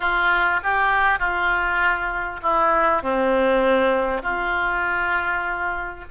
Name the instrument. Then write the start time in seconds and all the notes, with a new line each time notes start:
oboe
0.00 F4
0.63 G4
1.19 F4
2.42 E4
3.02 C4
4.22 F4